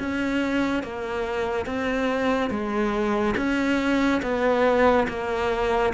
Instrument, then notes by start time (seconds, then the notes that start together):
cello
0.00 C#4
0.83 A#3
1.66 C4
2.50 G#3
3.37 C#4
4.23 B3
5.09 A#3